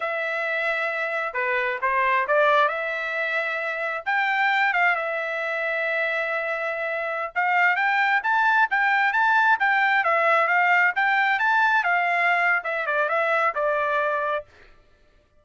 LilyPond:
\new Staff \with { instrumentName = "trumpet" } { \time 4/4 \tempo 4 = 133 e''2. b'4 | c''4 d''4 e''2~ | e''4 g''4. f''8 e''4~ | e''1~ |
e''16 f''4 g''4 a''4 g''8.~ | g''16 a''4 g''4 e''4 f''8.~ | f''16 g''4 a''4 f''4.~ f''16 | e''8 d''8 e''4 d''2 | }